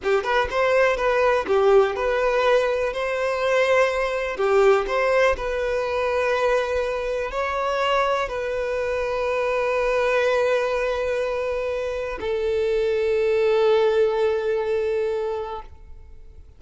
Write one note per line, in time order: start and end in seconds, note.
0.03 0.23 G4
0.23 0.48 B4
0.50 0.96 C5
0.96 1.45 B4
1.47 1.95 G4
1.95 2.93 B4
2.93 4.36 C5
4.36 4.85 G4
4.87 5.36 C5
5.36 7.31 B4
7.31 8.28 C#5
8.28 12.19 B4
12.20 15.62 A4